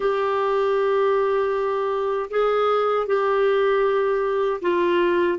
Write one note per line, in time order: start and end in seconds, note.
0.00 2.29 G4
2.30 3.06 G#4
3.06 4.60 G4
4.61 5.38 F4